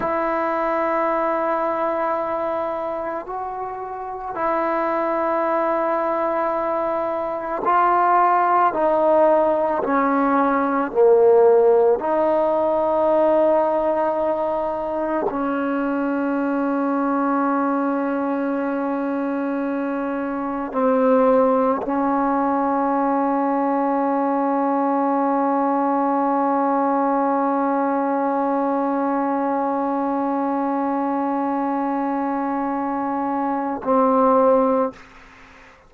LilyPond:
\new Staff \with { instrumentName = "trombone" } { \time 4/4 \tempo 4 = 55 e'2. fis'4 | e'2. f'4 | dis'4 cis'4 ais4 dis'4~ | dis'2 cis'2~ |
cis'2. c'4 | cis'1~ | cis'1~ | cis'2. c'4 | }